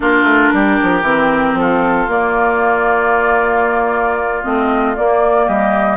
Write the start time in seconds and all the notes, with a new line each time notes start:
0.00 A#3 D4 F4 A#4
0.23 A3
0.53 G3 G4
0.82 F3
1.02 E3 C4
1.53 F3 F4 A4
2.07 A#3 D5
4.43 A3 C4 D#5
4.96 A#3 D5
5.46 G3 G4 D#5